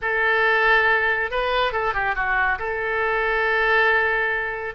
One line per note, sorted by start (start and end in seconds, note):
0.01 1.31 A4
1.31 1.72 B4
1.72 1.93 A4
1.93 2.15 G4
2.15 2.58 F#4
2.58 4.74 A4